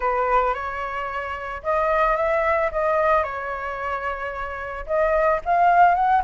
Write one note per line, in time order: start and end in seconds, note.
0.00 0.54 B4
0.54 1.62 C#5
1.63 2.16 D#5
2.16 2.70 E5
2.71 3.23 D#5
3.23 4.85 C#5
4.86 5.40 D#5
5.45 5.95 F5
5.95 6.22 F#5